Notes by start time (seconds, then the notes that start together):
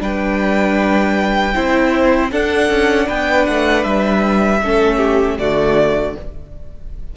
0.00 G3 D4 B4 G5
1.54 C4 E4 C5
2.32 D4 A4 F#5
2.70 C#4
3.07 B3 B4 G5
3.46 A3 F#5
3.84 G3 E5
4.63 A3 C#4 A4
4.97 G4
5.39 D3 A3 F#4 D5